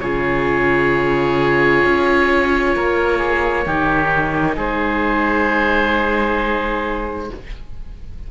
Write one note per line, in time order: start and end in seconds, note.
0.00 1.84 C#3
0.00 3.66 F4
0.00 2.75 G#4
0.00 4.55 C#5
1.85 2.76 C#4
2.76 3.66 A#3
2.76 3.19 A#4
3.19 3.64 G#4
3.66 4.57 D#3
3.66 7.31 D#4
3.66 4.56 G4
4.56 7.30 G#3
4.56 7.29 G#4
4.56 7.31 C5